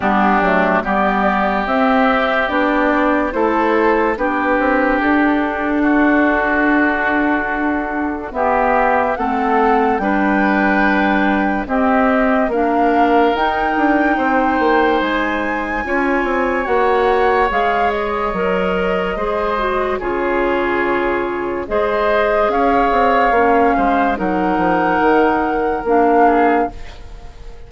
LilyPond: <<
  \new Staff \with { instrumentName = "flute" } { \time 4/4 \tempo 4 = 72 g'4 d''4 e''4 d''4 | c''4 b'4 a'2~ | a'2 e''4 fis''4 | g''2 dis''4 f''4 |
g''2 gis''2 | fis''4 f''8 dis''2~ dis''8 | cis''2 dis''4 f''4~ | f''4 fis''2 f''4 | }
  \new Staff \with { instrumentName = "oboe" } { \time 4/4 d'4 g'2. | a'4 g'2 fis'4~ | fis'2 g'4 a'4 | b'2 g'4 ais'4~ |
ais'4 c''2 cis''4~ | cis''2. c''4 | gis'2 c''4 cis''4~ | cis''8 c''8 ais'2~ ais'8 gis'8 | }
  \new Staff \with { instrumentName = "clarinet" } { \time 4/4 b8 a8 b4 c'4 d'4 | e'4 d'2.~ | d'2 b4 c'4 | d'2 c'4 d'4 |
dis'2. f'4 | fis'4 gis'4 ais'4 gis'8 fis'8 | f'2 gis'2 | cis'4 dis'2 d'4 | }
  \new Staff \with { instrumentName = "bassoon" } { \time 4/4 g8 fis8 g4 c'4 b4 | a4 b8 c'8 d'2~ | d'2 b4 a4 | g2 c'4 ais4 |
dis'8 d'8 c'8 ais8 gis4 cis'8 c'8 | ais4 gis4 fis4 gis4 | cis2 gis4 cis'8 c'8 | ais8 gis8 fis8 f8 dis4 ais4 | }
>>